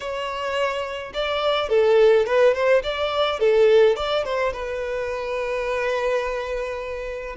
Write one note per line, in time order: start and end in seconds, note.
0.00 1.12 C#5
1.13 1.69 D5
1.69 2.25 A4
2.26 2.53 B4
2.53 2.82 C5
2.83 3.39 D5
3.39 3.95 A4
3.95 4.24 D5
4.24 4.52 C5
4.53 7.36 B4